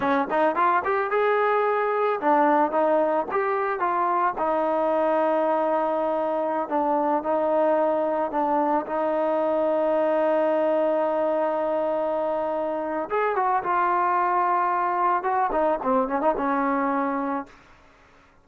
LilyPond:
\new Staff \with { instrumentName = "trombone" } { \time 4/4 \tempo 4 = 110 cis'8 dis'8 f'8 g'8 gis'2 | d'4 dis'4 g'4 f'4 | dis'1~ | dis'16 d'4 dis'2 d'8.~ |
d'16 dis'2.~ dis'8.~ | dis'1 | gis'8 fis'8 f'2. | fis'8 dis'8 c'8 cis'16 dis'16 cis'2 | }